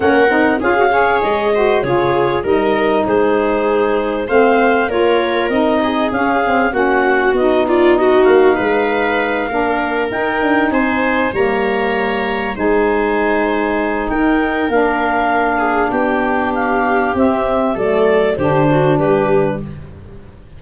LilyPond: <<
  \new Staff \with { instrumentName = "clarinet" } { \time 4/4 \tempo 4 = 98 fis''4 f''4 dis''4 cis''4 | dis''4 c''2 f''4 | cis''4 dis''4 f''4 fis''4 | dis''8 d''8 dis''8 f''2~ f''8~ |
f''8 g''4 gis''4 ais''4.~ | ais''8 gis''2~ gis''8 g''4 | f''2 g''4 f''4 | e''4 d''4 c''4 b'4 | }
  \new Staff \with { instrumentName = "viola" } { \time 4/4 ais'4 gis'8 cis''4 c''8 gis'4 | ais'4 gis'2 c''4 | ais'4. gis'4. fis'4~ | fis'8 f'8 fis'4 b'4. ais'8~ |
ais'4. c''4 cis''4.~ | cis''8 c''2~ c''8 ais'4~ | ais'4. gis'8 g'2~ | g'4 a'4 g'8 fis'8 g'4 | }
  \new Staff \with { instrumentName = "saxophone" } { \time 4/4 cis'8 dis'8 f'16 fis'16 gis'4 fis'8 f'4 | dis'2. c'4 | f'4 dis'4 cis'8 c'8 cis'4 | dis'2.~ dis'8 d'8~ |
d'8 dis'2 ais4.~ | ais8 dis'2.~ dis'8 | d'1 | c'4 a4 d'2 | }
  \new Staff \with { instrumentName = "tuba" } { \time 4/4 ais8 c'8 cis'4 gis4 cis4 | g4 gis2 a4 | ais4 c'4 cis'4 ais4 | b4. ais8 gis4. ais8~ |
ais8 dis'8 d'8 c'4 g4.~ | g8 gis2~ gis8 dis'4 | ais2 b2 | c'4 fis4 d4 g4 | }
>>